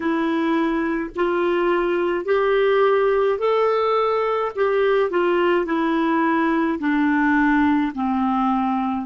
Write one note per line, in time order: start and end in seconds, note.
0.00 1.10 E4
1.15 2.25 F4
2.25 3.38 G4
3.39 4.52 A4
4.55 5.10 G4
5.10 5.66 F4
5.66 6.79 E4
6.79 7.92 D4
7.95 9.06 C4